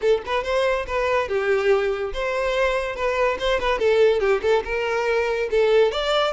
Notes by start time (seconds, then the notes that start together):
0.01 A4
0.26 B4
0.43 C5
0.87 B4
1.28 G4
2.13 C5
2.95 B4
3.39 C5
3.59 B4
3.79 A4
4.20 G4
4.42 A4
4.64 A#4
5.50 A4
5.91 D5